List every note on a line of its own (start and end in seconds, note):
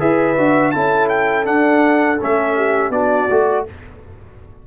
0.00 0.38 E4
0.00 0.37 G#4
0.00 0.74 B4
0.00 0.71 E5
0.37 0.75 D4
0.37 0.74 F#4
0.71 1.47 C#4
0.71 1.45 E4
0.71 2.57 A4
0.71 1.08 A5
1.09 1.46 G5
1.45 2.18 D4
1.45 2.20 D4
1.45 2.20 F#5
2.21 2.90 A3
2.21 2.93 C#4
2.21 2.92 E5
2.57 2.92 G4
2.90 3.27 B3
2.90 3.30 D4
2.90 3.65 F#4
2.90 3.65 D5
3.30 3.67 A3
3.30 3.67 F#4